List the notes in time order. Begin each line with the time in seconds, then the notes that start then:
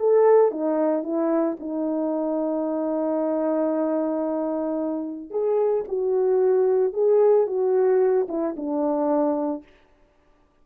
0.00 A4
0.52 D#4
1.04 E4
1.60 D#4
5.31 G#4
5.89 F#4
6.94 G#4
7.47 F#4
8.29 E4
8.57 D4